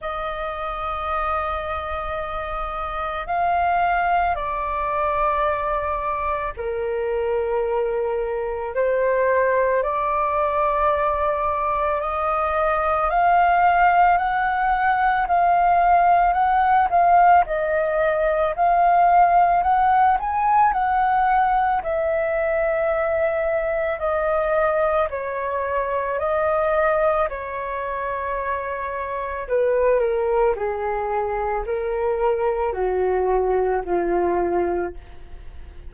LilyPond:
\new Staff \with { instrumentName = "flute" } { \time 4/4 \tempo 4 = 55 dis''2. f''4 | d''2 ais'2 | c''4 d''2 dis''4 | f''4 fis''4 f''4 fis''8 f''8 |
dis''4 f''4 fis''8 gis''8 fis''4 | e''2 dis''4 cis''4 | dis''4 cis''2 b'8 ais'8 | gis'4 ais'4 fis'4 f'4 | }